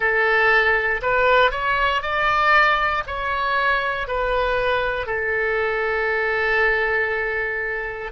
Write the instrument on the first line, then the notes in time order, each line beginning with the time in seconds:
oboe
0.00 A4
1.02 B4
1.51 C#5
2.02 D5
3.06 C#5
4.07 B4
5.06 A4